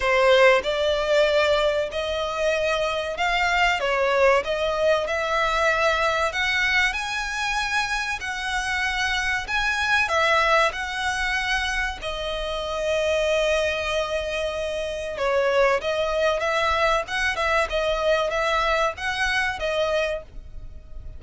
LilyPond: \new Staff \with { instrumentName = "violin" } { \time 4/4 \tempo 4 = 95 c''4 d''2 dis''4~ | dis''4 f''4 cis''4 dis''4 | e''2 fis''4 gis''4~ | gis''4 fis''2 gis''4 |
e''4 fis''2 dis''4~ | dis''1 | cis''4 dis''4 e''4 fis''8 e''8 | dis''4 e''4 fis''4 dis''4 | }